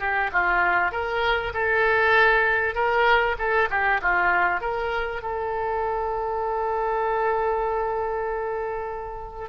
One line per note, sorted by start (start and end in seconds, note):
0.00 0.31 G4
0.33 0.92 F4
0.92 1.53 A#4
1.54 2.75 A4
2.75 3.36 A#4
3.39 3.69 A4
3.70 4.01 G4
4.02 4.61 F4
4.61 5.22 A#4
5.22 9.50 A4